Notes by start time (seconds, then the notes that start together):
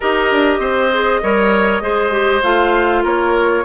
0.00 D#4 G4 A#4 D#5
0.31 D4
0.58 C4 C5
0.92 G#4
1.22 G3 A#4 C#5
1.81 G#3 G#4 C5
2.11 G4
2.42 A3 F4 F5
3.03 A#3 A#4 C#5